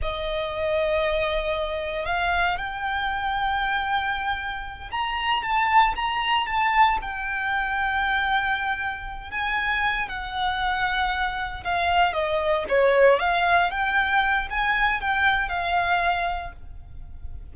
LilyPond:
\new Staff \with { instrumentName = "violin" } { \time 4/4 \tempo 4 = 116 dis''1 | f''4 g''2.~ | g''4. ais''4 a''4 ais''8~ | ais''8 a''4 g''2~ g''8~ |
g''2 gis''4. fis''8~ | fis''2~ fis''8 f''4 dis''8~ | dis''8 cis''4 f''4 g''4. | gis''4 g''4 f''2 | }